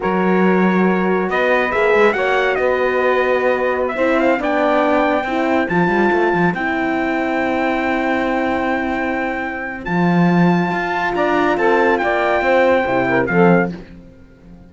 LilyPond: <<
  \new Staff \with { instrumentName = "trumpet" } { \time 4/4 \tempo 4 = 140 cis''2. dis''4 | e''4 fis''4 dis''2~ | dis''4 e''8. f''8 g''4.~ g''16~ | g''4~ g''16 a''2 g''8.~ |
g''1~ | g''2. a''4~ | a''2 ais''4 a''4 | g''2. f''4 | }
  \new Staff \with { instrumentName = "saxophone" } { \time 4/4 ais'2. b'4~ | b'4 cis''4 b'2~ | b'4~ b'16 c''4 d''4.~ d''16~ | d''16 c''2.~ c''8.~ |
c''1~ | c''1~ | c''2 d''4 a'4 | d''4 c''4. ais'8 a'4 | }
  \new Staff \with { instrumentName = "horn" } { \time 4/4 fis'1 | gis'4 fis'2.~ | fis'4~ fis'16 e'4 d'4.~ d'16~ | d'16 e'4 f'2 e'8.~ |
e'1~ | e'2. f'4~ | f'1~ | f'2 e'4 c'4 | }
  \new Staff \with { instrumentName = "cello" } { \time 4/4 fis2. b4 | ais8 gis8 ais4 b2~ | b4~ b16 c'4 b4.~ b16~ | b16 c'4 f8 g8 a8 f8 c'8.~ |
c'1~ | c'2. f4~ | f4 f'4 d'4 c'4 | ais4 c'4 c4 f4 | }
>>